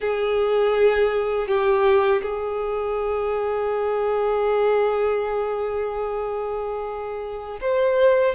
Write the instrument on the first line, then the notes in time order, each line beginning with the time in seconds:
violin
0.00 G#4
1.47 G4
2.22 G#4
7.61 C5